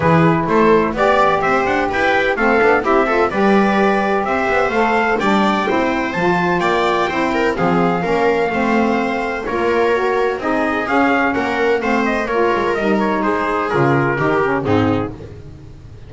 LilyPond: <<
  \new Staff \with { instrumentName = "trumpet" } { \time 4/4 \tempo 4 = 127 b'4 c''4 d''4 e''8 fis''8 | g''4 f''4 e''4 d''4~ | d''4 e''4 f''4 g''4~ | g''4 a''4 g''2 |
f''1 | cis''2 dis''4 f''4 | fis''4 f''8 dis''8 cis''4 dis''8 cis''8 | c''4 ais'2 gis'4 | }
  \new Staff \with { instrumentName = "viola" } { \time 4/4 gis'4 a'4 d''4 c''4 | b'4 a'4 g'8 a'8 b'4~ | b'4 c''2 d''4 | c''2 d''4 c''8 ais'8 |
gis'4 ais'4 c''2 | ais'2 gis'2 | ais'4 c''4 ais'2 | gis'2 g'4 dis'4 | }
  \new Staff \with { instrumentName = "saxophone" } { \time 4/4 e'2 g'2~ | g'4 c'8 d'8 e'8 f'8 g'4~ | g'2 a'4 d'4 | e'4 f'2 e'4 |
c'4 cis'4 c'2 | f'4 fis'4 dis'4 cis'4~ | cis'4 c'4 f'4 dis'4~ | dis'4 f'4 dis'8 cis'8 c'4 | }
  \new Staff \with { instrumentName = "double bass" } { \time 4/4 e4 a4 b4 c'8 d'8 | e'4 a8 b8 c'4 g4~ | g4 c'8 b8 a4 g4 | c'4 f4 ais4 c'4 |
f4 ais4 a2 | ais2 c'4 cis'4 | ais4 a4 ais8 gis8 g4 | gis4 cis4 dis4 gis,4 | }
>>